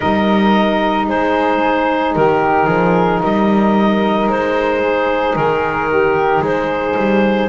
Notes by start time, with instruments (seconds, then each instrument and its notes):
0.00 double bass G3, saxophone D#4, flute A#4, clarinet D#5
1.08 double bass G#3, flute G#4, clarinet C5
2.15 double bass D#3, flute G4, clarinet A#4
2.65 double bass F3, flute G#4
3.21 double bass G3, flute A#4, clarinet D#5
4.27 double bass G#3, clarinet C5
4.81 flute G#4
5.35 double bass D#3, clarinet A#4
5.91 flute G4
6.41 double bass G#3, flute G#4, clarinet C5
6.96 double bass G3